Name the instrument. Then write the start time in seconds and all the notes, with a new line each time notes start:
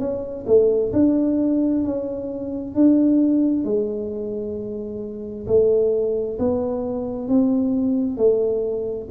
tuba
0.00 C#4
0.47 A3
0.93 D4
1.84 C#4
2.75 D4
3.65 G#3
5.47 A3
6.39 B3
7.29 C4
8.17 A3